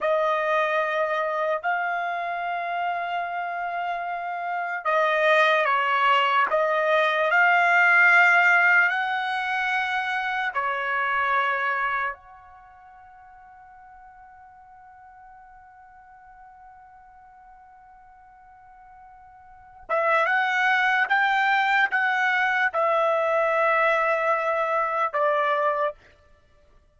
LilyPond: \new Staff \with { instrumentName = "trumpet" } { \time 4/4 \tempo 4 = 74 dis''2 f''2~ | f''2 dis''4 cis''4 | dis''4 f''2 fis''4~ | fis''4 cis''2 fis''4~ |
fis''1~ | fis''1~ | fis''8 e''8 fis''4 g''4 fis''4 | e''2. d''4 | }